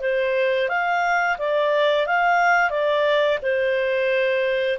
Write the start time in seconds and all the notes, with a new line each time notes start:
0.00 C5
0.68 F5
1.38 D5
2.06 F5
2.70 D5
3.42 C5